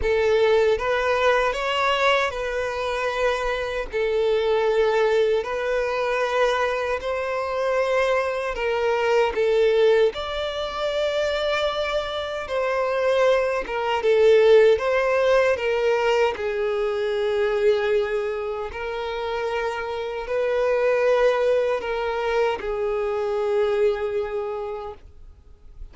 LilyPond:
\new Staff \with { instrumentName = "violin" } { \time 4/4 \tempo 4 = 77 a'4 b'4 cis''4 b'4~ | b'4 a'2 b'4~ | b'4 c''2 ais'4 | a'4 d''2. |
c''4. ais'8 a'4 c''4 | ais'4 gis'2. | ais'2 b'2 | ais'4 gis'2. | }